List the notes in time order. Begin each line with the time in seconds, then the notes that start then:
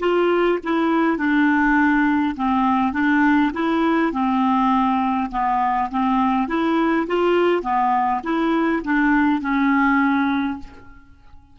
0.00 F4
0.64 E4
1.18 D4
2.36 C4
2.93 D4
3.53 E4
4.12 C4
5.31 B3
5.91 C4
6.48 E4
7.07 F4
7.63 B3
8.24 E4
8.84 D4
9.42 C#4